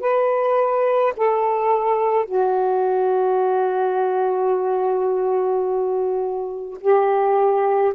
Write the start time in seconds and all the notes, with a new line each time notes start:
0.00 B4
1.17 A4
2.25 F#4
6.81 G4